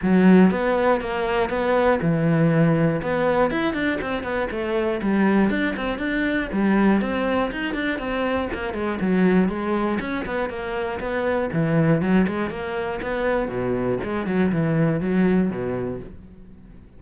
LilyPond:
\new Staff \with { instrumentName = "cello" } { \time 4/4 \tempo 4 = 120 fis4 b4 ais4 b4 | e2 b4 e'8 d'8 | c'8 b8 a4 g4 d'8 c'8 | d'4 g4 c'4 dis'8 d'8 |
c'4 ais8 gis8 fis4 gis4 | cis'8 b8 ais4 b4 e4 | fis8 gis8 ais4 b4 b,4 | gis8 fis8 e4 fis4 b,4 | }